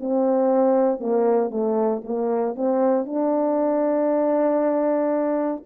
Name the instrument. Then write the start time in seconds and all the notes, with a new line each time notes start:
horn
0.00 C4
1.00 A#3
1.50 A3
2.04 A#3
2.55 C4
3.05 D4